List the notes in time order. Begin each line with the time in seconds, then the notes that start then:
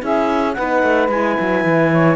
0.00 C#4 E4 G#4 E5
0.54 B3 D#4 B4 F#5
0.82 A3
1.08 G#3 E4 G#5
1.40 F#3
1.64 E3
1.92 C#5